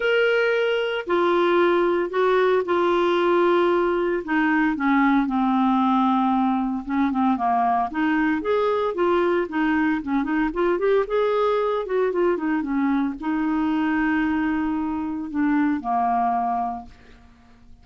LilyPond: \new Staff \with { instrumentName = "clarinet" } { \time 4/4 \tempo 4 = 114 ais'2 f'2 | fis'4 f'2. | dis'4 cis'4 c'2~ | c'4 cis'8 c'8 ais4 dis'4 |
gis'4 f'4 dis'4 cis'8 dis'8 | f'8 g'8 gis'4. fis'8 f'8 dis'8 | cis'4 dis'2.~ | dis'4 d'4 ais2 | }